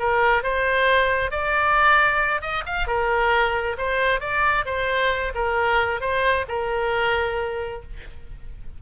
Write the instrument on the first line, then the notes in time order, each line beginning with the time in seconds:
oboe
0.00 A#4
0.43 C5
1.31 D5
2.42 D#5
2.66 F5
2.88 A#4
3.78 C5
4.20 D5
4.66 C5
5.35 A#4
6.01 C5
6.49 A#4